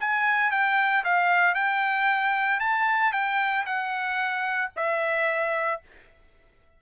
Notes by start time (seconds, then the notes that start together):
0.00 G#5
0.51 G5
1.04 F5
1.54 G5
2.60 A5
3.12 G5
3.65 F#5
4.76 E5